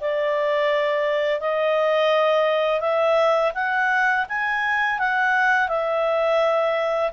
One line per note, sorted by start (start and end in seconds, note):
0.00 1.40 D5
1.40 2.80 D#5
2.80 3.51 E5
3.54 4.25 F#5
4.28 4.98 G#5
4.98 5.68 F#5
5.68 7.11 E5